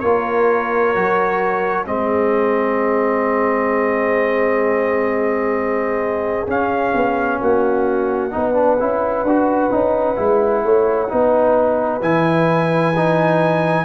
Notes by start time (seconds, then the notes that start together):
0.00 A#3 F4 A#4 C#5
0.95 F#3 F#4
1.85 G#3 C4 G#4 D#5
6.47 C#4 F5
6.94 B3
7.40 A#3 F#4 F#5
8.31 B3 D#4 B4
8.54 D4
8.80 C#4 E4
9.24 D4 F#4
9.71 C#4 D#4
10.16 G#3 E4
10.64 A3 C#5
11.09 B3 D#4 B4
12.01 E3 E4 G#5
12.96 D#4